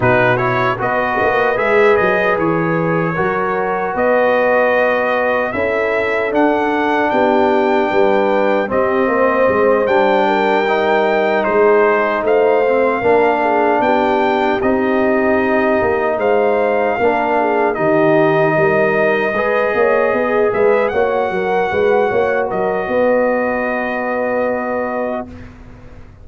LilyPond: <<
  \new Staff \with { instrumentName = "trumpet" } { \time 4/4 \tempo 4 = 76 b'8 cis''8 dis''4 e''8 dis''8 cis''4~ | cis''4 dis''2 e''4 | fis''4 g''2 dis''4~ | dis''8 g''2 c''4 f''8~ |
f''4. g''4 dis''4.~ | dis''8 f''2 dis''4.~ | dis''2 e''8 fis''4.~ | fis''8 dis''2.~ dis''8 | }
  \new Staff \with { instrumentName = "horn" } { \time 4/4 fis'4 b'2. | ais'4 b'2 a'4~ | a'4 g'4 b'4 g'8 c''8~ | c''4 ais'4. gis'4 c''8~ |
c''8 ais'8 gis'8 g'2~ g'8~ | g'8 c''4 ais'8 gis'8 g'4 ais'8~ | ais'8 b'8 cis''8 gis'8 b'8 cis''8 ais'8 b'8 | cis''8 ais'8 b'2. | }
  \new Staff \with { instrumentName = "trombone" } { \time 4/4 dis'8 e'8 fis'4 gis'2 | fis'2. e'4 | d'2. c'4~ | c'8 d'4 dis'2~ dis'8 |
c'8 d'2 dis'4.~ | dis'4. d'4 dis'4.~ | dis'8 gis'2 fis'4.~ | fis'1 | }
  \new Staff \with { instrumentName = "tuba" } { \time 4/4 b,4 b8 ais8 gis8 fis8 e4 | fis4 b2 cis'4 | d'4 b4 g4 c'8 ais8 | gis8 g2 gis4 a8~ |
a8 ais4 b4 c'4. | ais8 gis4 ais4 dis4 g8~ | g8 gis8 ais8 b8 gis8 ais8 fis8 gis8 | ais8 fis8 b2. | }
>>